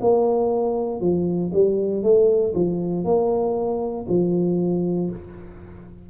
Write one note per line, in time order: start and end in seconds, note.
0.00 1.00 A#3
1.00 1.51 F3
1.53 2.03 G3
2.03 2.54 A3
2.54 3.04 F3
3.04 4.06 A#3
4.08 5.10 F3